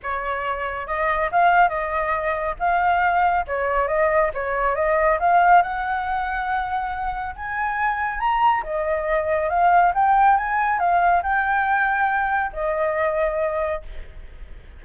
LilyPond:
\new Staff \with { instrumentName = "flute" } { \time 4/4 \tempo 4 = 139 cis''2 dis''4 f''4 | dis''2 f''2 | cis''4 dis''4 cis''4 dis''4 | f''4 fis''2.~ |
fis''4 gis''2 ais''4 | dis''2 f''4 g''4 | gis''4 f''4 g''2~ | g''4 dis''2. | }